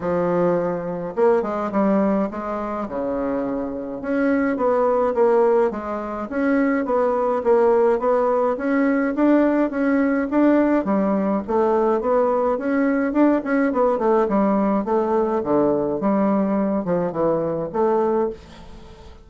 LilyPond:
\new Staff \with { instrumentName = "bassoon" } { \time 4/4 \tempo 4 = 105 f2 ais8 gis8 g4 | gis4 cis2 cis'4 | b4 ais4 gis4 cis'4 | b4 ais4 b4 cis'4 |
d'4 cis'4 d'4 g4 | a4 b4 cis'4 d'8 cis'8 | b8 a8 g4 a4 d4 | g4. f8 e4 a4 | }